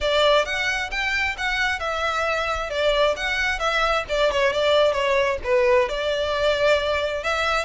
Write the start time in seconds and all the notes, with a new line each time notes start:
0.00 D5
0.45 F#5
0.90 G5
1.37 F#5
1.79 E5
2.70 D5
3.16 F#5
3.59 E5
4.08 D5
4.31 C#5
4.52 D5
4.92 C#5
5.44 B4
5.89 D5
7.23 E5